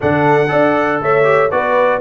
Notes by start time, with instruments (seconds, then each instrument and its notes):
0.00 tuba D3, trombone D4, horn A4, trumpet F#5
0.47 tuba D4, trombone A4, horn D5
1.00 tuba A3, horn C#5, trumpet E5
1.23 trombone G4
1.50 tuba B3, trombone F#4, horn B4, trumpet D5